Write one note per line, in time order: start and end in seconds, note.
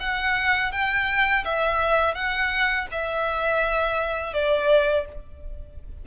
0.00 0.72 F#5
0.72 1.44 G5
1.45 2.15 E5
2.15 2.87 F#5
2.91 4.33 E5
4.33 5.06 D5